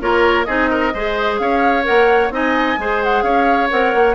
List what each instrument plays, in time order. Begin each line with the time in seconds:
0.00 bassoon A#3, clarinet F4, oboe A#4, flute C#5
0.44 bassoon C4, clarinet D#4, oboe G#4, flute D#5
0.70 oboe A#4
0.94 bassoon G#3, clarinet G#4, oboe C5
1.38 bassoon C#4, oboe C#5, flute F5
1.83 bassoon A#3, clarinet A#4, flute F#5
2.30 bassoon C4, clarinet D#4, oboe D#5, flute G#5
2.77 bassoon G#3, clarinet G#4, oboe C5
3.03 flute F#5
3.22 bassoon C#4, oboe C#5, flute F5
3.70 bassoon C4, clarinet A#4, flute F#5
3.94 bassoon A#3